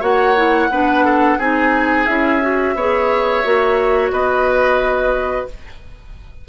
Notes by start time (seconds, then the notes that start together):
0.00 A#3 F#4 C#5 F#5
0.36 E4
0.70 B3 D4 B4
1.05 A4
1.38 C4 D#4 G#4 G#5
2.06 C#4 E4 E5
2.42 F#4
2.75 B3 G#4 C#5
3.44 A#3 F#4
4.11 B3 B4 D#5